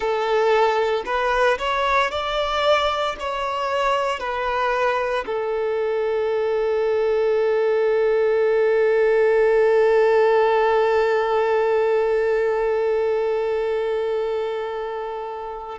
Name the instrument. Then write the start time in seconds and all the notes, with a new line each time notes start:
violin
0.00 A4
1.05 B4
1.58 C#5
2.11 D5
3.19 C#5
4.19 B4
5.26 A4